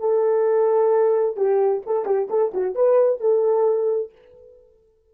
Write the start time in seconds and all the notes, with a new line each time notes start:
0.00 A4
1.37 G4
1.87 A4
2.06 G4
2.30 A4
2.54 F#4
2.75 B4
3.21 A4